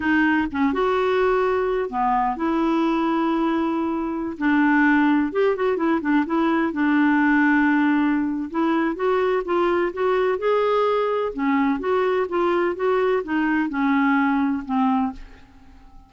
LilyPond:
\new Staff \with { instrumentName = "clarinet" } { \time 4/4 \tempo 4 = 127 dis'4 cis'8 fis'2~ fis'8 | b4 e'2.~ | e'4~ e'16 d'2 g'8 fis'16~ | fis'16 e'8 d'8 e'4 d'4.~ d'16~ |
d'2 e'4 fis'4 | f'4 fis'4 gis'2 | cis'4 fis'4 f'4 fis'4 | dis'4 cis'2 c'4 | }